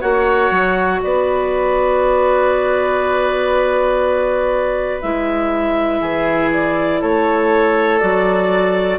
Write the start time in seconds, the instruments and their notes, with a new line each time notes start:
0.00 bassoon A#3, clarinet F#4 F#5, oboe C#5
0.51 bassoon F#3
1.02 bassoon B3, oboe B4, clarinet D5
5.01 bassoon G#3, clarinet E4 E5
6.01 bassoon E3, oboe G#4
6.52 clarinet D5
7.01 bassoon A3, oboe A4, clarinet C#5
7.99 bassoon F#3, clarinet F#4 D5